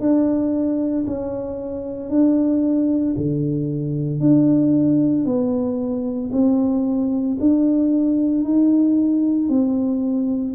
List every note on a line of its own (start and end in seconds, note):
0.00 1.05 D4
1.06 2.10 C#4
2.10 3.15 D4
3.17 4.20 D3
4.20 5.25 D4
5.25 6.30 B3
6.32 7.37 C4
7.40 8.44 D4
8.44 9.48 D#4
9.48 10.54 C4